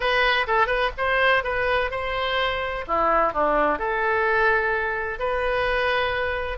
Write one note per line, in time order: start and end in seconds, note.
0.00 0.46 B4
0.47 0.66 A4
0.66 0.90 B4
0.97 1.43 C5
1.43 1.90 B4
1.90 2.85 C5
2.87 3.33 E4
3.33 3.79 D4
3.79 5.19 A4
5.19 6.58 B4